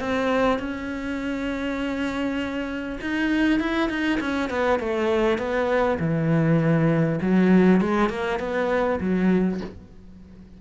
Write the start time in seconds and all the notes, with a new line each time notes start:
0.00 C4
0.59 C#4
3.01 D#4
3.60 E4
3.89 D#4
4.21 C#4
4.50 B3
4.79 A3
5.38 B3
5.99 E3
7.21 F#3
7.81 G#3
8.09 A#3
8.39 B3
9.01 F#3